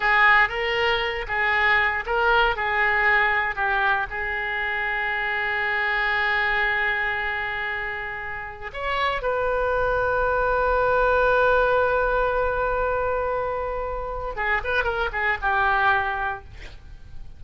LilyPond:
\new Staff \with { instrumentName = "oboe" } { \time 4/4 \tempo 4 = 117 gis'4 ais'4. gis'4. | ais'4 gis'2 g'4 | gis'1~ | gis'1~ |
gis'4 cis''4 b'2~ | b'1~ | b'1 | gis'8 b'8 ais'8 gis'8 g'2 | }